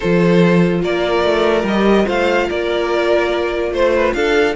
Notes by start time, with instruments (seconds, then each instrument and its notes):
0.00 cello F3, viola F4, violin A4 C5
0.82 cello A#3, violin A#4 D5
1.23 cello A3
1.63 cello G3, viola G4, violin D#5
2.05 cello A3, viola F4, violin C5 F5
2.48 cello A#3, violin A#4 D5
3.71 cello A3, violin C5
3.95 violin B4
4.13 cello D4, violin A4 F5